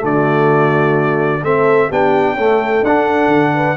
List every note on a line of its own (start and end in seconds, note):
0.00 1.43 D3
0.00 1.40 A3
0.00 1.44 F#4
0.00 1.44 D5
1.43 1.89 A3
1.43 1.91 C4
1.43 1.88 A4
1.43 1.91 E5
1.88 2.34 B3
1.88 2.38 D4
1.88 2.35 G4
1.88 2.85 G5
2.34 2.85 A3
2.34 2.80 C#4
2.34 3.53 A4
2.83 3.27 D4
2.83 3.77 D4
2.83 3.77 F#5
3.27 3.74 D3
3.55 3.77 B4